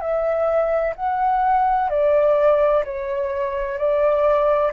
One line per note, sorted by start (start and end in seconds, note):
0.00 0.94 E5
0.95 1.89 F#5
1.89 2.83 D5
2.84 3.78 C#5
3.78 4.71 D5